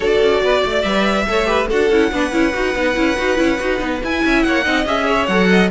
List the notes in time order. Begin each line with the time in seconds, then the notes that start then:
0.00 D4 F#4 A4 D5
0.20 C#4
0.42 B3 B4
0.61 A3 D5
0.82 G3 B4 E5
1.27 A3 A4 C#5
1.45 G4 B4
1.68 D4 F#4 A4 F#5
1.90 C#4 E4
2.12 B3 D4 B4
2.32 C#4 E4
2.53 D#4 F#4
2.75 B3 D#4
2.95 C#4 E4
3.17 D#4 F#4
3.37 C#4 E4
3.60 D#4 F#4
3.78 B3 D#4
4.03 E4 G#5
4.24 C#4 E5
4.42 A#3 C#5 F#5
4.64 C4 D#4 D#5
4.85 C#4 G#4 E5
5.06 C#5
5.26 F#3 A4 F#5
5.49 D#5